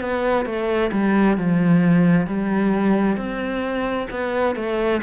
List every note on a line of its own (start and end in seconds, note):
0.00 0.45 B3
0.45 0.90 A3
0.92 1.37 G3
1.37 2.26 F3
2.26 3.17 G3
3.17 4.07 C4
4.10 4.55 B3
4.55 5.01 A3